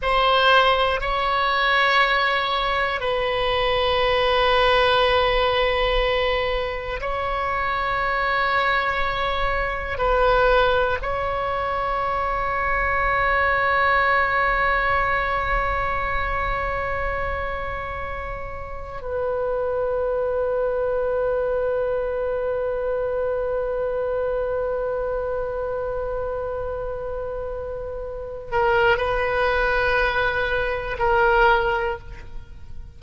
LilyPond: \new Staff \with { instrumentName = "oboe" } { \time 4/4 \tempo 4 = 60 c''4 cis''2 b'4~ | b'2. cis''4~ | cis''2 b'4 cis''4~ | cis''1~ |
cis''2. b'4~ | b'1~ | b'1~ | b'8 ais'8 b'2 ais'4 | }